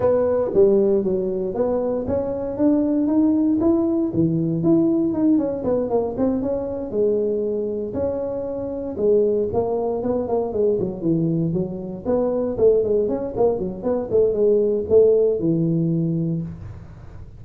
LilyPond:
\new Staff \with { instrumentName = "tuba" } { \time 4/4 \tempo 4 = 117 b4 g4 fis4 b4 | cis'4 d'4 dis'4 e'4 | e4 e'4 dis'8 cis'8 b8 ais8 | c'8 cis'4 gis2 cis'8~ |
cis'4. gis4 ais4 b8 | ais8 gis8 fis8 e4 fis4 b8~ | b8 a8 gis8 cis'8 ais8 fis8 b8 a8 | gis4 a4 e2 | }